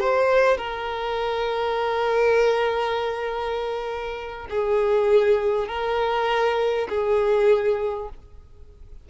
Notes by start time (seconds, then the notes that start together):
0.00 C5
0.58 A#4
4.50 G#4
5.68 A#4
6.89 G#4